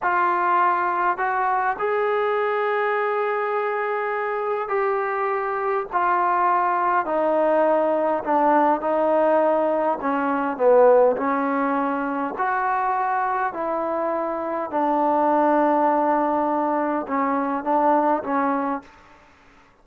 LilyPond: \new Staff \with { instrumentName = "trombone" } { \time 4/4 \tempo 4 = 102 f'2 fis'4 gis'4~ | gis'1 | g'2 f'2 | dis'2 d'4 dis'4~ |
dis'4 cis'4 b4 cis'4~ | cis'4 fis'2 e'4~ | e'4 d'2.~ | d'4 cis'4 d'4 cis'4 | }